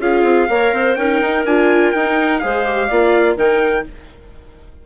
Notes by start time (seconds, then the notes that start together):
0.00 C#4 F4 G#4 F5
0.24 C4
0.50 A#3 A#4 C#5
0.73 C4 C5
0.96 C#4 D#4 A#4 G5
1.22 D#4
1.46 D4 F4 G#5
1.92 D#4 G5
2.40 G#3 G#4 C5 F5
2.66 G4
2.88 A#3 F4 D5
3.36 D#3 D#4 A#4 G5